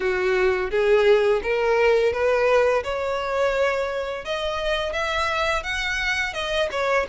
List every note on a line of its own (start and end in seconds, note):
0.00 0.70 F#4
0.70 1.41 G#4
1.42 2.12 A#4
2.12 2.83 B4
2.83 4.24 C#5
4.24 4.92 D#5
4.92 5.63 E5
5.63 6.33 F#5
6.33 6.68 D#5
6.71 7.06 C#5